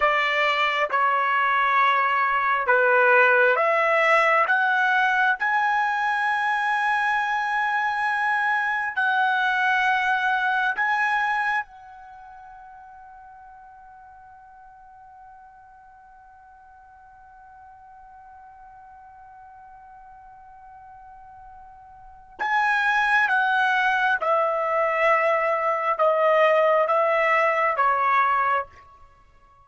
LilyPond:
\new Staff \with { instrumentName = "trumpet" } { \time 4/4 \tempo 4 = 67 d''4 cis''2 b'4 | e''4 fis''4 gis''2~ | gis''2 fis''2 | gis''4 fis''2.~ |
fis''1~ | fis''1~ | fis''4 gis''4 fis''4 e''4~ | e''4 dis''4 e''4 cis''4 | }